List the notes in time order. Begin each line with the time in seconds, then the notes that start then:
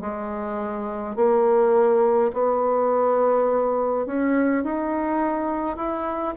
0.00 G#3
1.15 A#3
2.33 B3
4.06 C#4
4.64 D#4
5.76 E4